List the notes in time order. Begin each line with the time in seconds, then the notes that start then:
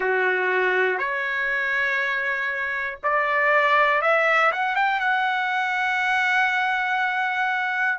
0.00 F#4
0.98 C#5
3.03 D5
4.01 E5
4.52 F#5
4.75 G5
5.00 F#5